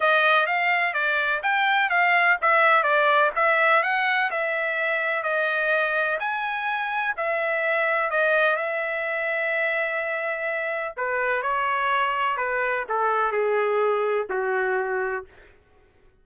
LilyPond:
\new Staff \with { instrumentName = "trumpet" } { \time 4/4 \tempo 4 = 126 dis''4 f''4 d''4 g''4 | f''4 e''4 d''4 e''4 | fis''4 e''2 dis''4~ | dis''4 gis''2 e''4~ |
e''4 dis''4 e''2~ | e''2. b'4 | cis''2 b'4 a'4 | gis'2 fis'2 | }